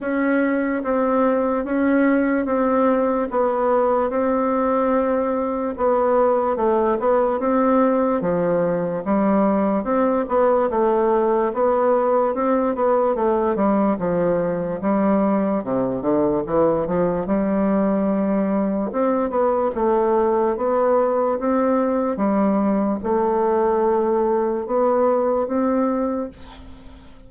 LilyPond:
\new Staff \with { instrumentName = "bassoon" } { \time 4/4 \tempo 4 = 73 cis'4 c'4 cis'4 c'4 | b4 c'2 b4 | a8 b8 c'4 f4 g4 | c'8 b8 a4 b4 c'8 b8 |
a8 g8 f4 g4 c8 d8 | e8 f8 g2 c'8 b8 | a4 b4 c'4 g4 | a2 b4 c'4 | }